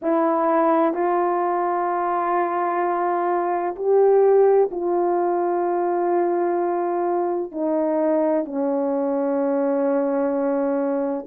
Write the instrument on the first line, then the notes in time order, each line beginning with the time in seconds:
horn
0.02 E4
0.94 F4
3.75 G4
4.71 F4
7.51 D#4
8.44 C#4